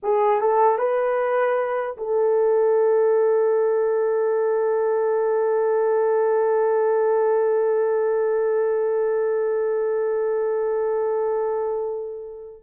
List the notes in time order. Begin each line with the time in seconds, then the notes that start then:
0.03 G#4
0.40 A4
0.78 B4
1.97 A4